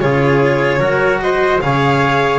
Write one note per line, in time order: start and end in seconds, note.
0.00 0.79 C#3
0.00 0.80 F4
0.00 0.80 G#4
0.00 1.20 C#5
0.79 1.59 F#3
0.79 1.60 F#4
0.79 1.20 A#4
1.21 1.63 C5
1.21 1.61 D#5
1.60 2.38 C#3
1.60 2.38 G#4
1.60 2.38 C#5
1.60 2.38 F5